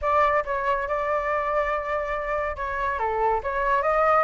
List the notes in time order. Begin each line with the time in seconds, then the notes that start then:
0.01 D5
0.45 C#5
0.88 D5
2.56 C#5
2.98 A4
3.43 C#5
3.82 D#5